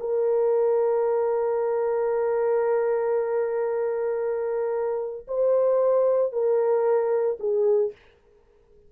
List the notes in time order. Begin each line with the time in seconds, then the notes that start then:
0.00 A#4
5.28 C5
6.33 A#4
7.39 G#4